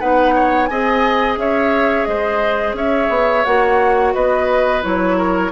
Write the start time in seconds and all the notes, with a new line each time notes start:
0.00 B3 D#4 B4 F#5
0.35 C#5
0.66 C4 G#4 D#5 G#5
1.37 C#4 C#5 E5
2.05 G#3 C5 D#5
2.73 C#4 C#5 E5
3.09 B3
3.44 A#3 F#4 F#5
4.14 B3 B4 D#5
4.82 F#3 E4 C#5
5.17 A#4